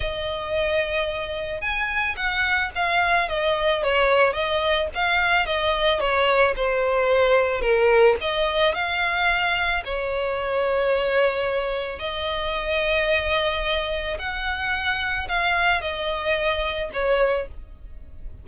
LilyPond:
\new Staff \with { instrumentName = "violin" } { \time 4/4 \tempo 4 = 110 dis''2. gis''4 | fis''4 f''4 dis''4 cis''4 | dis''4 f''4 dis''4 cis''4 | c''2 ais'4 dis''4 |
f''2 cis''2~ | cis''2 dis''2~ | dis''2 fis''2 | f''4 dis''2 cis''4 | }